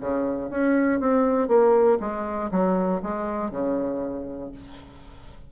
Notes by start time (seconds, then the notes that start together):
0.00 C#3
0.50 C#4
0.99 C4
1.48 A#3
2.00 G#3
2.51 F#3
3.02 G#3
3.51 C#3